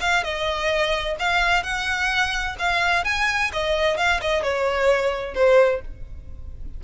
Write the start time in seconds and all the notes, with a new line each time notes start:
0.00 F5
0.23 D#5
1.19 F5
1.63 F#5
2.59 F5
3.04 G#5
3.52 D#5
3.97 F5
4.21 D#5
4.42 C#5
5.34 C5